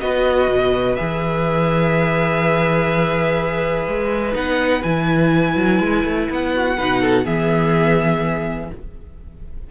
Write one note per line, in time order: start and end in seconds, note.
0.00 0.48 B3
0.00 0.97 F#4
0.00 6.54 B4
0.00 0.95 D#5
0.48 0.96 B2
0.95 3.87 E3
0.95 4.32 G#4
0.95 4.34 E5
3.87 4.35 G#3
4.32 4.83 B3
4.32 4.81 D#4
4.32 4.83 F#5
4.83 5.55 E3
4.83 6.78 E4
4.83 6.28 G#5
5.55 5.80 F#3
5.80 6.04 G#3
6.04 6.29 A3
6.30 6.79 B3
6.30 7.26 F#5
6.54 6.77 F#4
6.77 7.25 B2
6.77 7.24 D#4
6.77 7.01 B4
7.01 7.24 A4
7.24 8.71 E3
7.24 8.70 B3
7.24 8.69 G#4
7.24 8.71 E5